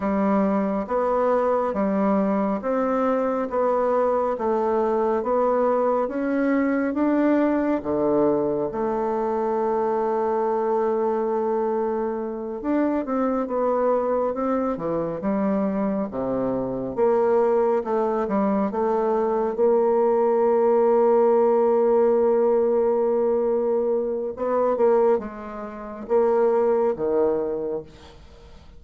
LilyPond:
\new Staff \with { instrumentName = "bassoon" } { \time 4/4 \tempo 4 = 69 g4 b4 g4 c'4 | b4 a4 b4 cis'4 | d'4 d4 a2~ | a2~ a8 d'8 c'8 b8~ |
b8 c'8 e8 g4 c4 ais8~ | ais8 a8 g8 a4 ais4.~ | ais1 | b8 ais8 gis4 ais4 dis4 | }